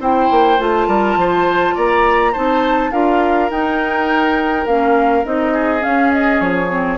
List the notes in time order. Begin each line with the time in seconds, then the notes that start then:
0.00 C4 E4 C5 G5
0.31 A#3
0.59 A3 F4 A5
0.88 G3 A#4
1.17 F3 C5
1.75 A#3 D5 A#5
2.33 C4 D#4 C5 A5
2.92 D4 F4 A#4 F5
3.51 D#4 G5
4.66 A#3 C#4 F5
5.25 C4 D#4 D#5
5.54 G#4
5.81 C#4 F5
6.13 D#5
6.41 F3 C#5
6.70 C4